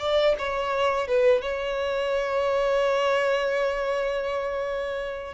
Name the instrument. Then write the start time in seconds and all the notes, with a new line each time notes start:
violin
0.00 D5
0.39 C#5
1.08 B4
1.42 C#5